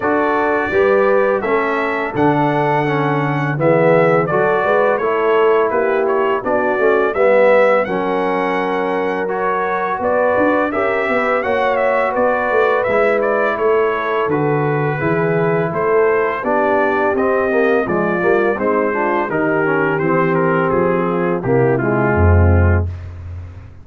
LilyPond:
<<
  \new Staff \with { instrumentName = "trumpet" } { \time 4/4 \tempo 4 = 84 d''2 e''4 fis''4~ | fis''4 e''4 d''4 cis''4 | b'8 cis''8 d''4 e''4 fis''4~ | fis''4 cis''4 d''4 e''4 |
fis''8 e''8 d''4 e''8 d''8 cis''4 | b'2 c''4 d''4 | dis''4 d''4 c''4 ais'4 | c''8 ais'8 gis'4 g'8 f'4. | }
  \new Staff \with { instrumentName = "horn" } { \time 4/4 a'4 b'4 a'2~ | a'4 gis'4 a'8 b'8 a'4 | g'4 fis'4 b'4 ais'4~ | ais'2 b'4 ais'8 b'8 |
cis''4 b'2 a'4~ | a'4 gis'4 a'4 g'4~ | g'4 f'4 dis'8 f'8 g'4~ | g'4. f'8 e'4 c'4 | }
  \new Staff \with { instrumentName = "trombone" } { \time 4/4 fis'4 g'4 cis'4 d'4 | cis'4 b4 fis'4 e'4~ | e'4 d'8 cis'8 b4 cis'4~ | cis'4 fis'2 g'4 |
fis'2 e'2 | fis'4 e'2 d'4 | c'8 ais8 gis8 ais8 c'8 d'8 dis'8 cis'8 | c'2 ais8 gis4. | }
  \new Staff \with { instrumentName = "tuba" } { \time 4/4 d'4 g4 a4 d4~ | d4 e4 fis8 gis8 a4 | ais4 b8 a8 g4 fis4~ | fis2 b8 d'8 cis'8 b8 |
ais4 b8 a8 gis4 a4 | d4 e4 a4 b4 | c'4 f8 g8 gis4 dis4 | e4 f4 c4 f,4 | }
>>